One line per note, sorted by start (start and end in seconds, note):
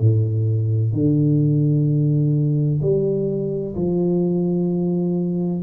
0.00 0.93 A2
0.93 2.80 D3
2.82 3.75 G3
3.75 5.63 F3